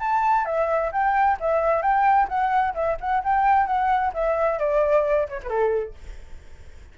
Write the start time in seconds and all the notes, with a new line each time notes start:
0.00 A5
0.46 E5
0.92 G5
1.41 E5
1.82 G5
2.29 F#5
2.75 E5
3.01 F#5
3.24 G5
3.67 F#5
4.14 E5
4.59 D5
5.29 C#5
5.43 B4
5.50 A4